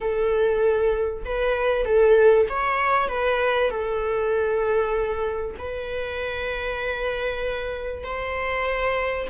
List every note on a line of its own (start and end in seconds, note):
0.00 1.24 A4
1.24 1.85 B4
1.85 2.47 A4
2.49 3.08 C#5
3.08 3.70 B4
3.70 5.56 A4
5.58 8.03 B4
8.03 9.27 C5